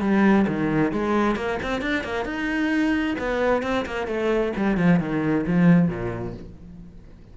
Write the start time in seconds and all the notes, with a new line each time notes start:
0.00 G3
0.47 D#3
0.92 G#3
1.36 A#3
1.62 C4
1.81 D4
2.04 A#3
2.25 D#4
3.18 B3
3.62 C4
3.85 A#3
4.07 A3
4.56 G3
4.77 F3
4.99 D#3
5.46 F3
5.88 A#2